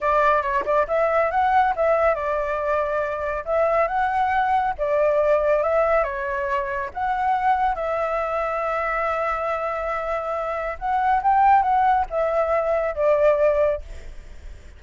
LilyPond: \new Staff \with { instrumentName = "flute" } { \time 4/4 \tempo 4 = 139 d''4 cis''8 d''8 e''4 fis''4 | e''4 d''2. | e''4 fis''2 d''4~ | d''4 e''4 cis''2 |
fis''2 e''2~ | e''1~ | e''4 fis''4 g''4 fis''4 | e''2 d''2 | }